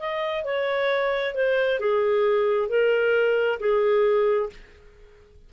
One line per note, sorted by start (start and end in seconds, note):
0.00 0.45 D#5
0.45 1.35 C#5
1.35 1.80 C5
1.80 2.69 G#4
2.69 3.60 A#4
3.60 4.50 G#4